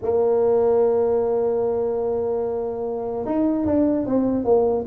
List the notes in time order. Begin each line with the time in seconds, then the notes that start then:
0.02 A#3
3.25 D#4
3.65 D4
4.06 C4
4.44 A#3